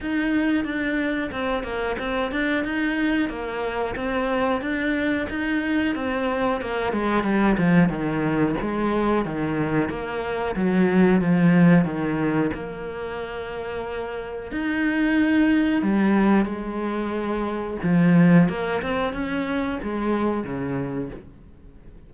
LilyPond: \new Staff \with { instrumentName = "cello" } { \time 4/4 \tempo 4 = 91 dis'4 d'4 c'8 ais8 c'8 d'8 | dis'4 ais4 c'4 d'4 | dis'4 c'4 ais8 gis8 g8 f8 | dis4 gis4 dis4 ais4 |
fis4 f4 dis4 ais4~ | ais2 dis'2 | g4 gis2 f4 | ais8 c'8 cis'4 gis4 cis4 | }